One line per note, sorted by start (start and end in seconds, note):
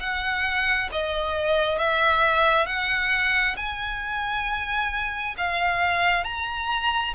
0.00 0.90 F#5
0.92 1.78 D#5
1.78 2.66 E5
2.66 3.56 F#5
3.57 5.36 G#5
5.37 6.24 F5
6.24 7.14 A#5